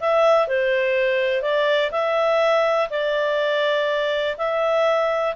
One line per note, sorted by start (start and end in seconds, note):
0.00 0.48 E5
0.48 1.42 C5
1.42 1.91 D5
1.92 2.89 E5
2.90 4.36 D5
4.38 5.35 E5